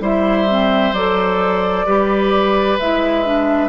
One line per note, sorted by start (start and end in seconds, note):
0.00 0.92 G3
0.00 0.47 E4
0.00 1.86 C5
0.00 0.93 E5
0.48 0.94 C4
0.92 1.84 F#3
0.92 1.86 A4
0.92 2.77 D5
1.86 2.79 G3
1.86 2.78 G4
1.86 3.69 B4
2.78 3.69 G#3
2.78 3.24 E4
2.78 3.69 E5
3.24 3.69 D4